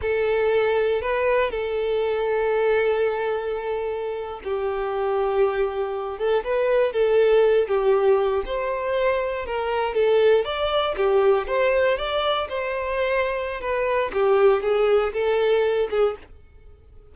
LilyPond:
\new Staff \with { instrumentName = "violin" } { \time 4/4 \tempo 4 = 119 a'2 b'4 a'4~ | a'1~ | a'8. g'2.~ g'16~ | g'16 a'8 b'4 a'4. g'8.~ |
g'8. c''2 ais'4 a'16~ | a'8. d''4 g'4 c''4 d''16~ | d''8. c''2~ c''16 b'4 | g'4 gis'4 a'4. gis'8 | }